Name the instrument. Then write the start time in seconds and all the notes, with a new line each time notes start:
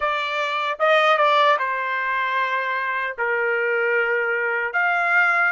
trumpet
0.00 D5
0.79 D#5
1.17 D5
1.58 C5
3.18 A#4
4.73 F5